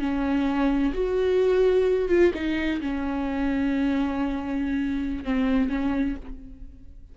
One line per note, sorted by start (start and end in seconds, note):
0.00 0.93 C#4
0.94 2.09 F#4
2.09 2.33 F4
2.34 2.81 D#4
2.81 5.25 C#4
5.25 5.70 C4
5.70 6.16 C#4